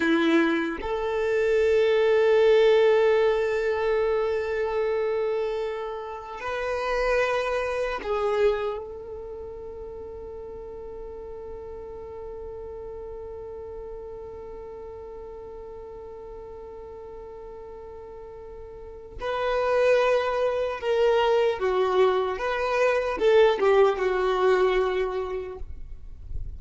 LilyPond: \new Staff \with { instrumentName = "violin" } { \time 4/4 \tempo 4 = 75 e'4 a'2.~ | a'1 | b'2 gis'4 a'4~ | a'1~ |
a'1~ | a'1 | b'2 ais'4 fis'4 | b'4 a'8 g'8 fis'2 | }